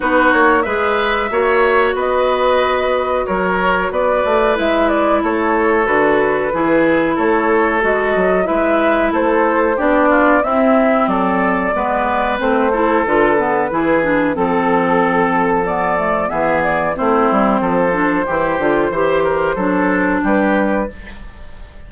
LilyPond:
<<
  \new Staff \with { instrumentName = "flute" } { \time 4/4 \tempo 4 = 92 b'8 cis''8 e''2 dis''4~ | dis''4 cis''4 d''4 e''8 d''8 | cis''4 b'2 cis''4 | dis''4 e''4 c''4 d''4 |
e''4 d''2 c''4 | b'2 a'2 | d''4 e''8 d''8 c''2~ | c''2. b'4 | }
  \new Staff \with { instrumentName = "oboe" } { \time 4/4 fis'4 b'4 cis''4 b'4~ | b'4 ais'4 b'2 | a'2 gis'4 a'4~ | a'4 b'4 a'4 g'8 f'8 |
e'4 a'4 b'4. a'8~ | a'4 gis'4 a'2~ | a'4 gis'4 e'4 a'4 | g'4 c''8 ais'8 a'4 g'4 | }
  \new Staff \with { instrumentName = "clarinet" } { \time 4/4 dis'4 gis'4 fis'2~ | fis'2. e'4~ | e'4 fis'4 e'2 | fis'4 e'2 d'4 |
c'2 b4 c'8 e'8 | f'8 b8 e'8 d'8 c'2 | b8 a8 b4 c'4. d'8 | e'8 f'8 g'4 d'2 | }
  \new Staff \with { instrumentName = "bassoon" } { \time 4/4 b8 ais8 gis4 ais4 b4~ | b4 fis4 b8 a8 gis4 | a4 d4 e4 a4 | gis8 fis8 gis4 a4 b4 |
c'4 fis4 gis4 a4 | d4 e4 f2~ | f4 e4 a8 g8 f4 | e8 d8 e4 fis4 g4 | }
>>